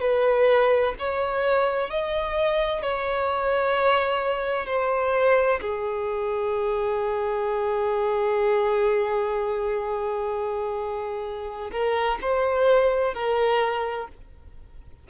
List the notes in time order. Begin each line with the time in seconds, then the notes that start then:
0.00 B4
0.98 C#5
1.90 D#5
2.82 C#5
4.66 C5
5.61 G#4
11.71 A#4
12.21 C5
13.14 A#4